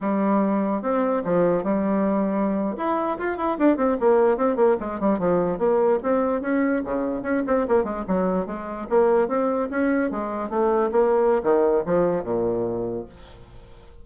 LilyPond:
\new Staff \with { instrumentName = "bassoon" } { \time 4/4 \tempo 4 = 147 g2 c'4 f4 | g2~ g8. e'4 f'16~ | f'16 e'8 d'8 c'8 ais4 c'8 ais8 gis16~ | gis16 g8 f4 ais4 c'4 cis'16~ |
cis'8. cis4 cis'8 c'8 ais8 gis8 fis16~ | fis8. gis4 ais4 c'4 cis'16~ | cis'8. gis4 a4 ais4~ ais16 | dis4 f4 ais,2 | }